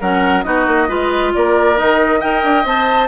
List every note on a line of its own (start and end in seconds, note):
0.00 0.45 F#3
0.00 0.44 C#4
0.00 0.44 A#4
0.00 0.43 F#5
0.43 0.66 B3
0.43 0.88 D#4
0.43 0.88 F#4
0.43 1.31 D#5
0.66 0.88 A#3
0.88 1.33 G#3
0.88 1.76 F4
0.88 1.32 B4
1.34 1.80 A#3
1.34 2.20 A#4
1.34 1.78 D5
1.76 2.23 D#3
1.76 2.20 D#4
1.76 2.21 D#5
2.20 2.43 D#4
2.20 2.65 A#4
2.20 3.08 D#5
2.20 2.65 G5
2.43 2.64 D4
2.64 3.08 C4
2.64 3.08 C5
2.64 3.08 A5